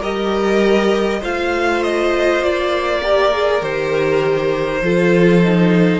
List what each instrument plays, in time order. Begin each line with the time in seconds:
0.00 cello G3, viola G4, violin A#4 D#5
1.21 cello A3, viola F4, violin C5 F5
1.83 violin D#5
2.43 cello A#3, violin D5
3.02 viola G4, violin A#4
3.32 viola G#4
3.60 cello D#3, viola G4, violin C5
4.82 cello F3, viola F4, violin A4
5.43 viola D#4